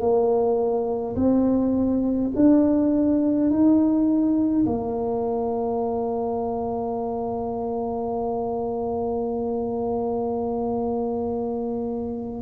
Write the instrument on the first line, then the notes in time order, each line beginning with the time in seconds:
tuba
0.00 A#3
1.15 C4
2.35 D4
3.50 D#4
4.66 A#3